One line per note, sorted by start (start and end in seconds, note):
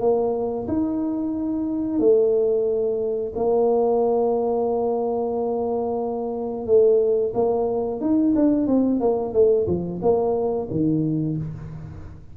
0.00 0.67 A#3
0.68 1.99 D#4
1.99 3.32 A3
3.35 6.66 A#3
6.66 7.33 A3
7.34 8.00 A#3
8.00 8.34 D#4
8.35 8.67 D4
8.67 9.00 C4
9.00 9.33 A#3
9.33 9.66 A3
9.67 10.00 F3
10.02 10.68 A#3
10.70 11.37 D#3